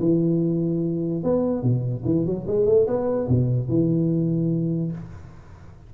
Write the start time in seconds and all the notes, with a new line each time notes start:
0.00 E3
1.23 B3
1.62 B2
2.05 E3
2.25 F#3
2.47 G#3
2.66 A3
2.87 B3
3.28 B2
3.68 E3